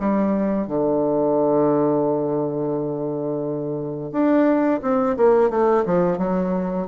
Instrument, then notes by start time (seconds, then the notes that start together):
bassoon
0.00 G3
0.67 D3
4.12 D4
4.82 C4
5.17 A#3
5.50 A3
5.86 F3
6.18 F#3